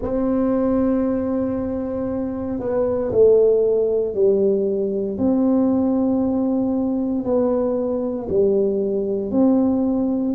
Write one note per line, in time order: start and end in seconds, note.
0.01 2.59 C4
2.59 3.11 B3
3.11 4.14 A3
4.14 5.17 G3
5.18 7.24 C4
7.24 8.28 B3
8.29 9.31 G3
9.31 10.34 C4